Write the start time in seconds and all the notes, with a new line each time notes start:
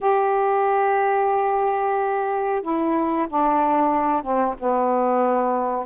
0.01 G4
2.61 E4
3.28 D4
4.22 C4
4.59 B3